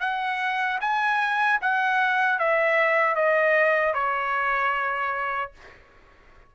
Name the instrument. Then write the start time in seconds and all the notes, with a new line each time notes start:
trumpet
0.00 F#5
0.81 G#5
1.61 F#5
2.39 E5
3.15 D#5
3.94 C#5